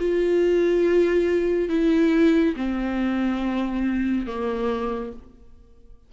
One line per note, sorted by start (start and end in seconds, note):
0.00 1.69 F4
1.69 2.55 E4
2.56 4.27 C4
4.27 5.13 A#3